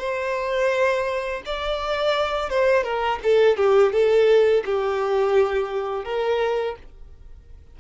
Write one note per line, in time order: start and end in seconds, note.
0.00 1.43 C5
1.46 2.50 D5
2.50 2.84 C5
2.84 3.20 A#4
3.24 3.57 A4
3.57 3.93 G4
3.93 4.64 A4
4.66 6.05 G4
6.05 6.76 A#4